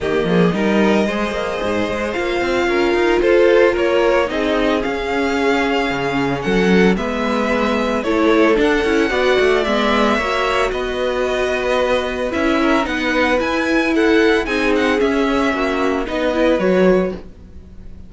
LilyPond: <<
  \new Staff \with { instrumentName = "violin" } { \time 4/4 \tempo 4 = 112 dis''1 | f''2 c''4 cis''4 | dis''4 f''2. | fis''4 e''2 cis''4 |
fis''2 e''2 | dis''2. e''4 | fis''4 gis''4 fis''4 gis''8 fis''8 | e''2 dis''4 cis''4 | }
  \new Staff \with { instrumentName = "violin" } { \time 4/4 g'8 gis'8 ais'4 c''2~ | c''4 ais'4 a'4 ais'4 | gis'1 | a'4 b'2 a'4~ |
a'4 d''2 cis''4 | b'2.~ b'8 ais'8 | b'2 a'4 gis'4~ | gis'4 fis'4 b'2 | }
  \new Staff \with { instrumentName = "viola" } { \time 4/4 ais4 dis'4 gis'2 | f'1 | dis'4 cis'2.~ | cis'4 b2 e'4 |
d'8 e'8 fis'4 b4 fis'4~ | fis'2. e'4 | dis'4 e'2 dis'4 | cis'2 dis'8 e'8 fis'4 | }
  \new Staff \with { instrumentName = "cello" } { \time 4/4 dis8 f8 g4 gis8 ais8 gis,8 gis8 | ais8 c'8 cis'8 dis'8 f'4 ais4 | c'4 cis'2 cis4 | fis4 gis2 a4 |
d'8 cis'8 b8 a8 gis4 ais4 | b2. cis'4 | b4 e'2 c'4 | cis'4 ais4 b4 fis4 | }
>>